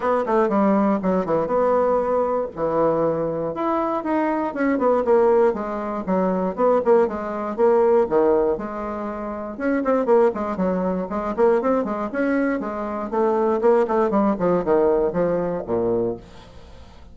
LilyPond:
\new Staff \with { instrumentName = "bassoon" } { \time 4/4 \tempo 4 = 119 b8 a8 g4 fis8 e8 b4~ | b4 e2 e'4 | dis'4 cis'8 b8 ais4 gis4 | fis4 b8 ais8 gis4 ais4 |
dis4 gis2 cis'8 c'8 | ais8 gis8 fis4 gis8 ais8 c'8 gis8 | cis'4 gis4 a4 ais8 a8 | g8 f8 dis4 f4 ais,4 | }